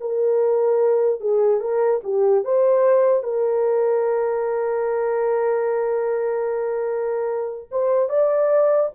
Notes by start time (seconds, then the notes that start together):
0.00 A#4
1.20 G#4
1.60 A#4
2.03 G4
2.44 C5
3.23 A#4
7.71 C5
8.09 D5